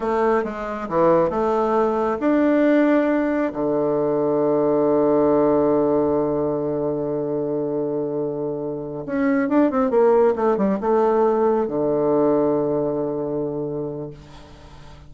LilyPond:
\new Staff \with { instrumentName = "bassoon" } { \time 4/4 \tempo 4 = 136 a4 gis4 e4 a4~ | a4 d'2. | d1~ | d1~ |
d1~ | d8 cis'4 d'8 c'8 ais4 a8 | g8 a2 d4.~ | d1 | }